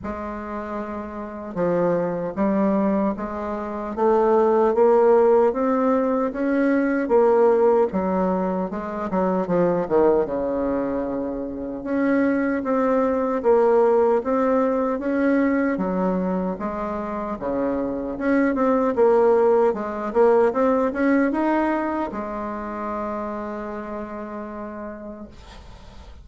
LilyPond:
\new Staff \with { instrumentName = "bassoon" } { \time 4/4 \tempo 4 = 76 gis2 f4 g4 | gis4 a4 ais4 c'4 | cis'4 ais4 fis4 gis8 fis8 | f8 dis8 cis2 cis'4 |
c'4 ais4 c'4 cis'4 | fis4 gis4 cis4 cis'8 c'8 | ais4 gis8 ais8 c'8 cis'8 dis'4 | gis1 | }